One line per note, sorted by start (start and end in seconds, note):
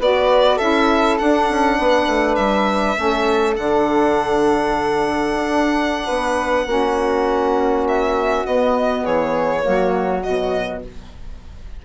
0.00 0.60 B3
0.00 0.60 F#4
0.00 0.57 B4
0.00 0.58 D5
0.57 1.20 C#4
0.57 1.20 E4
0.57 1.76 A4
0.57 1.18 E5
1.19 1.50 D4
1.19 2.96 D4
1.19 2.36 F#5
1.50 1.79 C#4
1.79 2.08 B3
1.79 2.98 B4
2.08 2.37 A3
2.36 2.97 G3
2.36 3.55 E5
2.96 3.58 A3
2.96 3.56 C#4
2.96 6.07 A4
3.57 5.35 D3
3.57 6.67 D4
3.57 7.88 F#5
5.35 6.09 D4
6.07 6.67 B3
6.07 6.66 B4
6.67 8.45 A#3
6.67 8.45 C#4
6.67 9.04 F#4
7.88 8.47 E5
8.46 9.06 B3
8.46 9.61 B3
8.46 9.06 D#5
9.04 9.66 E3
9.04 9.63 G#4
9.04 10.23 C#5
9.61 10.26 F#3
9.61 10.21 A#3
9.61 10.85 F#4
10.23 10.86 B2
10.23 10.83 F#3
10.23 10.83 D#5